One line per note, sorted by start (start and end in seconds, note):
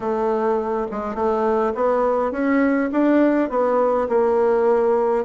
0.00 0.86 A3
0.91 1.14 G#3
1.14 1.73 A3
1.74 2.31 B3
2.31 2.90 C#4
2.92 3.50 D4
3.50 4.08 B3
4.08 5.24 A#3